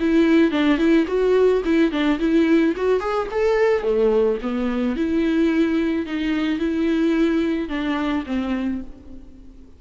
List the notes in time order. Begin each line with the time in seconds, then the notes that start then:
0.00 E4
0.51 D4
0.78 E4
1.07 F#4
1.64 E4
1.91 D4
2.19 E4
2.76 F#4
3.00 G#4
3.31 A4
3.83 A3
4.42 B3
4.96 E4
6.06 D#4
6.59 E4
7.69 D4
8.26 C4